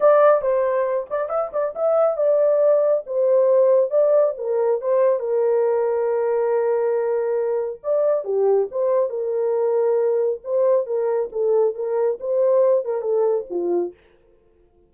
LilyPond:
\new Staff \with { instrumentName = "horn" } { \time 4/4 \tempo 4 = 138 d''4 c''4. d''8 e''8 d''8 | e''4 d''2 c''4~ | c''4 d''4 ais'4 c''4 | ais'1~ |
ais'2 d''4 g'4 | c''4 ais'2. | c''4 ais'4 a'4 ais'4 | c''4. ais'8 a'4 f'4 | }